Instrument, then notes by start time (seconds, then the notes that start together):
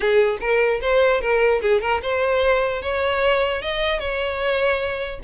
violin
0.00 G#4
0.40 A#4
0.81 C5
1.21 A#4
1.61 G#4
1.81 A#4
2.02 C5
2.82 C#5
3.62 D#5
3.99 C#5